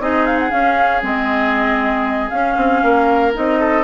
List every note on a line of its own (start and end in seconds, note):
0.00 0.51 C4
0.00 0.50 D#4
0.00 2.84 G#4
0.00 0.26 D#5
0.26 0.39 F5
0.39 0.51 F#5
0.50 1.01 C#4
0.50 1.03 C#4
0.50 1.02 F5
1.02 2.31 G#3
1.02 2.30 C4
1.02 2.29 D#5
2.29 2.57 C#4
2.29 3.34 C#4
2.29 3.32 F5
2.57 2.82 C4
2.83 3.35 A#3
2.83 3.60 A#4
3.34 3.84 C4
3.34 3.84 D#4
3.34 3.84 D#5
3.60 3.84 A4